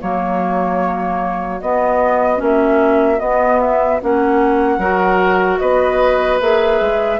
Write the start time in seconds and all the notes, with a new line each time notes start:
0.00 F#3 A#3 F#4 C#5
1.61 B3 D#5
2.36 A#3 C#4
2.43 E5
3.19 B3 D#5
3.60 E5
4.00 A#3 C#4 F#5
4.78 F#3 F#4 A#4
5.58 B3 B4 D#5
6.40 A#3 G#4 E5
6.80 G#3